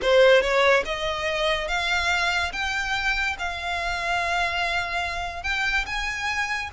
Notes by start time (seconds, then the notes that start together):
0.02 C5
0.41 C#5
0.85 D#5
1.68 F5
2.52 G5
3.38 F5
5.43 G5
5.86 G#5